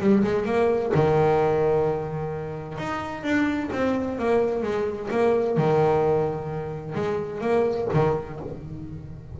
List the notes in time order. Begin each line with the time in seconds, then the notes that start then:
0.00 G3
0.24 G#3
0.45 A#3
0.95 D#3
2.78 D#4
3.23 D4
3.73 C4
4.19 A#3
4.63 G#3
5.11 A#3
5.57 D#3
6.95 G#3
7.41 A#3
7.93 D#3